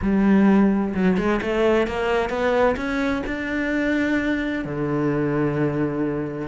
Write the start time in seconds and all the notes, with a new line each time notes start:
0.01 G3
0.94 F#3
1.17 G#3
1.41 A3
1.87 A#3
2.29 B3
2.76 C#4
3.26 D4
4.64 D3